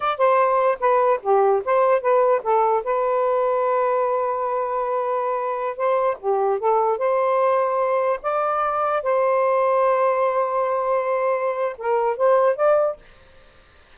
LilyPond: \new Staff \with { instrumentName = "saxophone" } { \time 4/4 \tempo 4 = 148 d''8 c''4. b'4 g'4 | c''4 b'4 a'4 b'4~ | b'1~ | b'2~ b'16 c''4 g'8.~ |
g'16 a'4 c''2~ c''8.~ | c''16 d''2 c''4.~ c''16~ | c''1~ | c''4 ais'4 c''4 d''4 | }